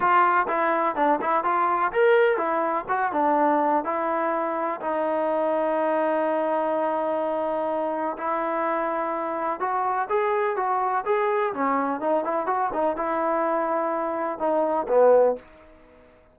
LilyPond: \new Staff \with { instrumentName = "trombone" } { \time 4/4 \tempo 4 = 125 f'4 e'4 d'8 e'8 f'4 | ais'4 e'4 fis'8 d'4. | e'2 dis'2~ | dis'1~ |
dis'4 e'2. | fis'4 gis'4 fis'4 gis'4 | cis'4 dis'8 e'8 fis'8 dis'8 e'4~ | e'2 dis'4 b4 | }